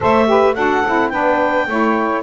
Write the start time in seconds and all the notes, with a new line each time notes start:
0.00 A3 A4 C5 E5
0.26 G4 B4
0.55 D4 F#4 A4 F#5
0.85 C4 E4
1.09 B3 D4 B4 G5
1.67 A3 E4 C#5